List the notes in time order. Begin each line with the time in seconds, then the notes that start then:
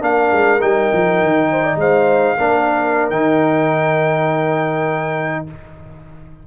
0.00 A#3 D4 A#4 F5
0.32 G#3
0.61 G3 D#4 G5
0.93 F3
1.22 D#3
1.51 C5
1.63 D5
1.76 G#3 C5 F5
2.38 A#3 D4 A#4
3.10 D#3 D#4 G5